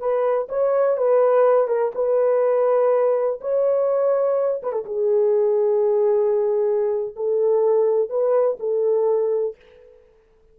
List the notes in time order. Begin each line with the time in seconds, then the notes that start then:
0.00 B4
0.49 C#5
0.97 B4
1.68 A#4
1.95 B4
3.41 C#5
4.63 B4
4.73 A4
4.85 G#4
7.16 A4
8.10 B4
8.60 A4